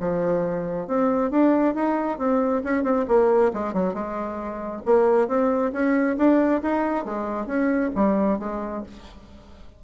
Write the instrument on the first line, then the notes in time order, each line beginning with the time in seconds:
bassoon
0.00 F3
0.88 C4
1.31 D4
1.75 D#4
2.19 C4
2.64 C#4
2.84 C4
3.08 A#3
3.54 G#3
3.74 F#3
3.94 G#3
4.86 A#3
5.28 C4
5.73 C#4
6.18 D4
6.62 D#4
7.05 G#3
7.47 C#4
7.96 G3
8.40 G#3